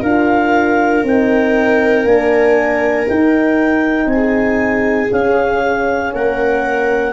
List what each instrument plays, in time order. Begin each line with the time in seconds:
0.00 tuba D4, horn F4, viola A#4, clarinet F5
1.03 tuba C4, horn D#4, clarinet G5
2.04 tuba A#3, horn D4, clarinet G#5
3.06 horn D#4, tuba D#4, clarinet G5
4.06 tuba C4, clarinet G#5
4.13 viola G#4
5.11 horn C#4, tuba C#4, clarinet F5
6.13 tuba A#3, viola A#4, clarinet F#5